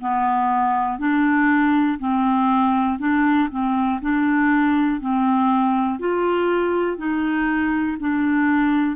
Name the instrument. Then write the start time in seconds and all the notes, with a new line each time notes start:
clarinet
0.00 B3
0.99 D4
1.99 C4
2.99 D4
3.50 C4
4.01 D4
5.00 C4
5.99 F4
6.97 D#4
8.00 D4